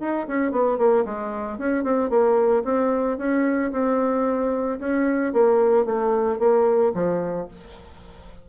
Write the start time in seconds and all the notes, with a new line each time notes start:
0.00 D#4
0.28 C#4
0.51 B3
0.78 A#3
1.05 G#3
1.59 C#4
1.84 C4
2.10 A#3
2.64 C4
3.18 C#4
3.72 C4
4.79 C#4
5.33 A#3
5.86 A3
6.39 A#3
6.94 F3